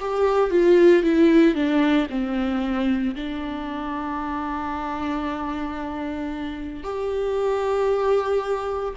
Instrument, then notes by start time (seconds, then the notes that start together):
viola
0.00 G4
0.51 F4
1.03 E4
1.55 D4
2.10 C4
3.15 D4
6.84 G4